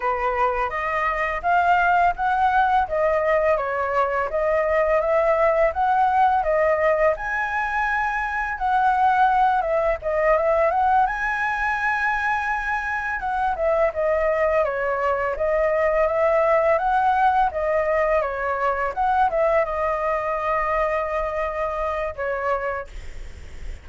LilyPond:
\new Staff \with { instrumentName = "flute" } { \time 4/4 \tempo 4 = 84 b'4 dis''4 f''4 fis''4 | dis''4 cis''4 dis''4 e''4 | fis''4 dis''4 gis''2 | fis''4. e''8 dis''8 e''8 fis''8 gis''8~ |
gis''2~ gis''8 fis''8 e''8 dis''8~ | dis''8 cis''4 dis''4 e''4 fis''8~ | fis''8 dis''4 cis''4 fis''8 e''8 dis''8~ | dis''2. cis''4 | }